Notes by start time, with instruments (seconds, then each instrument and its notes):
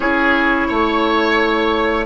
0.00 bassoon C#4, clarinet E4, oboe G#4, flute C#5
0.68 bassoon A3, oboe C#5